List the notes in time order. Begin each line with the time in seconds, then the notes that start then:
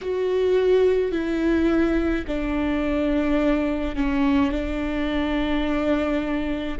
0.01 F#4
1.11 E4
2.27 D4
3.95 C#4
4.51 D4